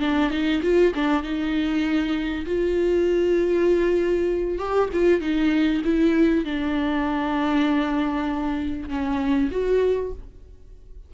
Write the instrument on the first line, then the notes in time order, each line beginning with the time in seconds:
viola
0.00 D4
0.31 D#4
0.63 F4
0.95 D4
1.23 D#4
2.46 F4
4.59 G4
4.93 F4
5.21 D#4
5.85 E4
6.45 D4
8.89 C#4
9.51 F#4